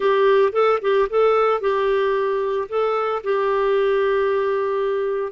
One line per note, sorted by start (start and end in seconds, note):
0.00 0.52 G4
0.52 0.79 A4
0.81 1.08 G4
1.09 1.60 A4
1.60 2.68 G4
2.68 3.22 A4
3.23 5.32 G4